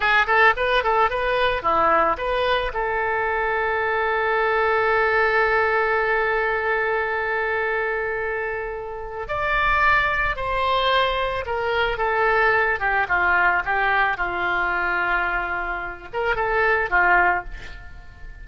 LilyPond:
\new Staff \with { instrumentName = "oboe" } { \time 4/4 \tempo 4 = 110 gis'8 a'8 b'8 a'8 b'4 e'4 | b'4 a'2.~ | a'1~ | a'1~ |
a'4 d''2 c''4~ | c''4 ais'4 a'4. g'8 | f'4 g'4 f'2~ | f'4. ais'8 a'4 f'4 | }